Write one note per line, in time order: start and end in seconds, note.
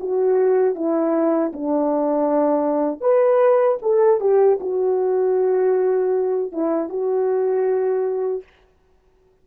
0.00 0.75 F#4
0.75 1.52 E4
1.53 3.01 D4
3.01 3.78 B4
3.82 4.21 A4
4.21 4.59 G4
4.60 6.52 F#4
6.52 6.90 E4
6.90 8.43 F#4